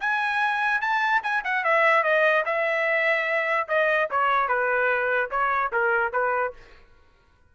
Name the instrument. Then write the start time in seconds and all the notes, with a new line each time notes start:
trumpet
0.00 G#5
0.81 A5
1.23 G#5
1.44 F#5
1.64 E5
2.03 D#5
2.45 E5
3.68 D#5
4.11 C#5
4.48 B4
5.31 C#5
5.72 A#4
6.12 B4